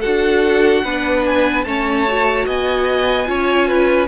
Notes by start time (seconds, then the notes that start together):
0.00 D4 F#4 A4 F#5
0.84 B3 D4 B4
1.26 G#5
1.64 A3 C#4 C#5 A5
2.07 F#4
2.46 B3 D#5 G#5
3.25 C#4 F4 C#5
3.67 B4